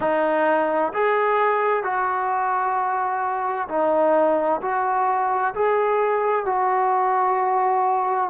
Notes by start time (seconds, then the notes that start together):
0.00 D#4
0.93 G#4
1.83 F#4
3.68 D#4
4.61 F#4
5.54 G#4
6.45 F#4